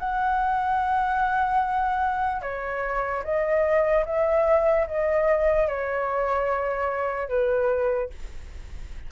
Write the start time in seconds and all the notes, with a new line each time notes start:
0.00 F#5
2.42 C#5
3.24 D#5
4.06 E5
4.88 D#5
5.68 C#5
7.29 B4